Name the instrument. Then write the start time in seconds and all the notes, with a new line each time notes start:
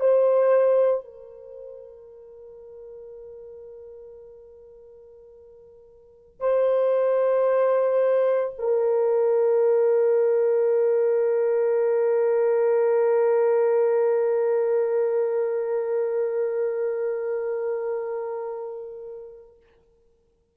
horn
0.00 C5
1.04 A#4
6.40 C5
8.58 A#4